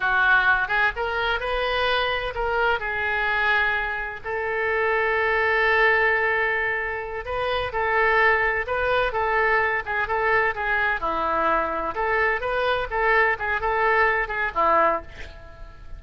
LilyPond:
\new Staff \with { instrumentName = "oboe" } { \time 4/4 \tempo 4 = 128 fis'4. gis'8 ais'4 b'4~ | b'4 ais'4 gis'2~ | gis'4 a'2.~ | a'2.~ a'8 b'8~ |
b'8 a'2 b'4 a'8~ | a'4 gis'8 a'4 gis'4 e'8~ | e'4. a'4 b'4 a'8~ | a'8 gis'8 a'4. gis'8 e'4 | }